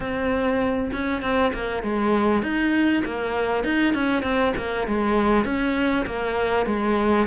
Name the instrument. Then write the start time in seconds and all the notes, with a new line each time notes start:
cello
0.00 C4
0.92 C#4
1.22 C4
1.53 A#3
1.82 G#3
2.42 D#4
3.04 A#3
3.64 D#4
3.93 C#4
4.23 C4
4.56 A#3
4.87 G#3
5.45 C#4
6.06 A#3
6.66 G#3